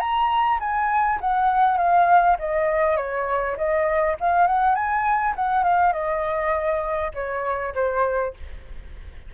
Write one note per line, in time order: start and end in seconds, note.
0.00 0.59 A#5
0.60 1.20 G#5
1.21 1.78 F#5
1.78 2.37 F5
2.39 2.97 D#5
2.97 3.56 C#5
3.57 4.17 D#5
4.20 4.47 F5
4.47 4.75 F#5
4.75 5.35 G#5
5.36 5.64 F#5
5.64 5.93 F5
5.93 7.12 D#5
7.15 7.74 C#5
7.75 8.34 C5